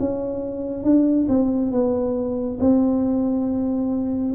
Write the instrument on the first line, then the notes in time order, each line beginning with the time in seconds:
tuba
0.00 C#4
0.84 D4
1.29 C4
1.72 B3
2.60 C4